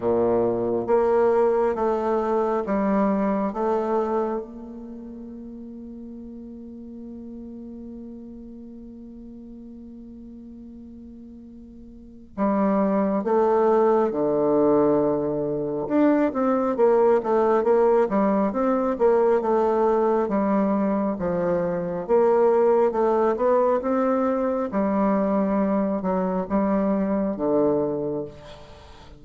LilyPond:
\new Staff \with { instrumentName = "bassoon" } { \time 4/4 \tempo 4 = 68 ais,4 ais4 a4 g4 | a4 ais2.~ | ais1~ | ais2 g4 a4 |
d2 d'8 c'8 ais8 a8 | ais8 g8 c'8 ais8 a4 g4 | f4 ais4 a8 b8 c'4 | g4. fis8 g4 d4 | }